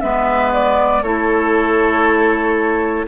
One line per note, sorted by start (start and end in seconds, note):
0.00 1.02 G#3
0.00 1.03 B3
0.00 1.02 B4
0.00 0.51 E5
0.53 1.03 D5
1.02 3.06 A3
1.02 3.07 E4
1.02 3.06 A4
1.02 3.06 C#5